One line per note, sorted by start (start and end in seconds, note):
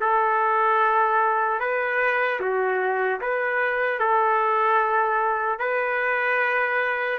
0.00 1.60 A4
1.60 2.40 B4
2.40 3.20 F#4
3.21 3.99 B4
3.99 5.59 A4
5.59 7.19 B4